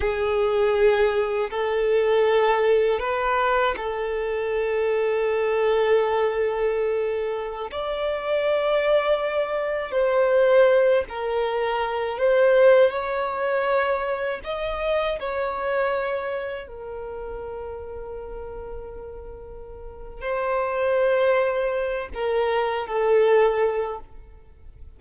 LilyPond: \new Staff \with { instrumentName = "violin" } { \time 4/4 \tempo 4 = 80 gis'2 a'2 | b'4 a'2.~ | a'2~ a'16 d''4.~ d''16~ | d''4~ d''16 c''4. ais'4~ ais'16~ |
ais'16 c''4 cis''2 dis''8.~ | dis''16 cis''2 ais'4.~ ais'16~ | ais'2. c''4~ | c''4. ais'4 a'4. | }